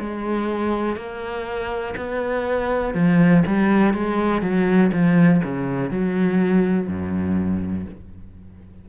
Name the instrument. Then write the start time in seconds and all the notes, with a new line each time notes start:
cello
0.00 G#3
0.96 A#3
1.97 B3
2.94 F3
3.46 G3
3.94 G#3
4.42 F#3
4.92 F3
5.44 C#3
5.91 F#3
6.87 F#2